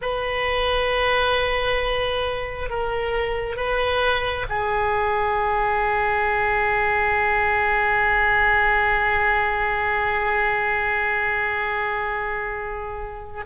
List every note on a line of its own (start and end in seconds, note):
0.01 2.69 B4
2.69 3.56 A#4
3.56 4.46 B4
4.49 13.44 G#4